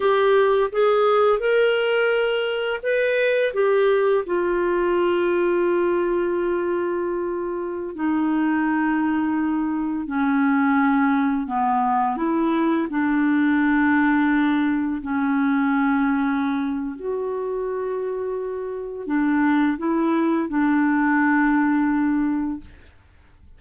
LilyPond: \new Staff \with { instrumentName = "clarinet" } { \time 4/4 \tempo 4 = 85 g'4 gis'4 ais'2 | b'4 g'4 f'2~ | f'2.~ f'16 dis'8.~ | dis'2~ dis'16 cis'4.~ cis'16~ |
cis'16 b4 e'4 d'4.~ d'16~ | d'4~ d'16 cis'2~ cis'8. | fis'2. d'4 | e'4 d'2. | }